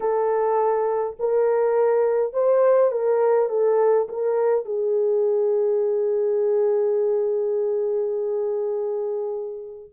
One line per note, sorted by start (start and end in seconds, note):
0.00 1.17 A4
1.19 2.33 A#4
2.33 2.91 C5
2.91 3.49 A#4
3.49 4.07 A4
4.08 4.65 A#4
4.65 9.89 G#4